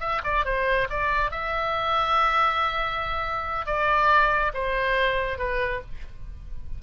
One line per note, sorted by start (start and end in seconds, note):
0.00 0.21 E5
0.24 0.45 D5
0.45 0.88 C5
0.90 1.31 D5
1.31 3.66 E5
3.66 4.52 D5
4.54 5.38 C5
5.38 5.81 B4